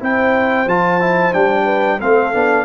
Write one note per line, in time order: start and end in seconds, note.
0.00 0.67 C4
0.00 0.67 E4
0.00 1.64 C5
0.00 0.69 G5
0.67 1.33 F3
0.67 1.01 F4
0.67 1.34 A5
1.01 1.33 E4
1.33 2.01 G3
1.33 2.00 D4
1.33 2.00 G5
1.64 1.97 B4
2.01 2.34 A3
2.01 2.33 C4
2.01 2.66 A4
2.01 2.66 F5
2.33 2.66 B3
2.33 2.66 D4